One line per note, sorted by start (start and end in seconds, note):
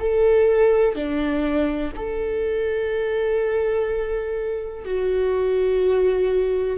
0.00 0.95 A4
0.95 1.92 D4
1.96 4.85 A4
4.85 6.78 F#4